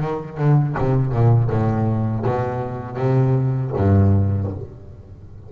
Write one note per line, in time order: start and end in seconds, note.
0.00 0.38 D#3
0.38 0.75 D3
0.78 1.12 C3
1.12 1.49 A#2
1.50 2.25 A2
2.25 2.97 B2
2.97 3.72 C3
3.76 4.51 G2